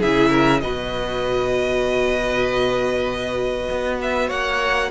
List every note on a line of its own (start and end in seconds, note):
0.00 0.63 C#3
0.00 0.62 E4
0.00 0.31 G#4
0.00 0.61 E5
0.31 0.61 A#4
0.61 3.69 B2
0.61 4.91 F#4
0.61 4.28 B4
0.61 3.98 D#5
3.71 4.31 B3
4.02 4.30 E5
4.28 4.91 A#3
4.28 4.89 C#5
4.28 4.91 F#5